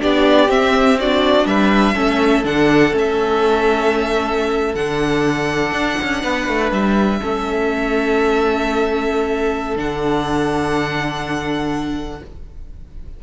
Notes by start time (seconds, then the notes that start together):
0.00 B3 D4 G4 D5
0.48 C4 E5
1.00 D4 F#4 D5
1.45 G3 B4 E5
1.94 A3 C#4 A4
2.44 D3 D4 F#5
2.92 A3 C#4
2.98 E5
4.75 D3 D4 F#5
5.72 D4
6.02 C#4
6.24 B3 B4
6.48 A3
6.72 G3 E5
7.20 A3 C#4 A4
9.76 D3 D4 F#5